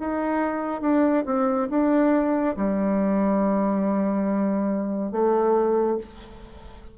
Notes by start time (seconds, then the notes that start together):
0.00 D#4
0.82 D4
1.26 C4
1.70 D4
2.57 G3
5.12 A3